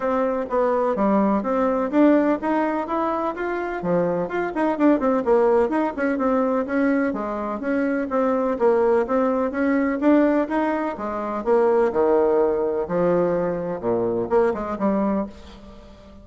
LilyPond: \new Staff \with { instrumentName = "bassoon" } { \time 4/4 \tempo 4 = 126 c'4 b4 g4 c'4 | d'4 dis'4 e'4 f'4 | f4 f'8 dis'8 d'8 c'8 ais4 | dis'8 cis'8 c'4 cis'4 gis4 |
cis'4 c'4 ais4 c'4 | cis'4 d'4 dis'4 gis4 | ais4 dis2 f4~ | f4 ais,4 ais8 gis8 g4 | }